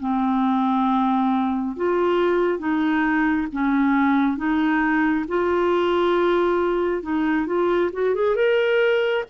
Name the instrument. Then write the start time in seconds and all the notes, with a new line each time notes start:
clarinet
0.00 C4
1.77 F4
2.59 D#4
3.53 C#4
4.37 D#4
5.28 F4
7.03 D#4
7.47 F4
7.93 F#4
8.15 G#4
8.36 A#4